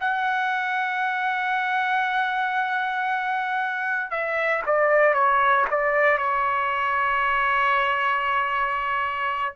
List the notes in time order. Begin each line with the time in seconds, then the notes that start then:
0.00 F#5
4.10 E5
4.66 D5
5.13 C#5
5.70 D5
6.17 C#5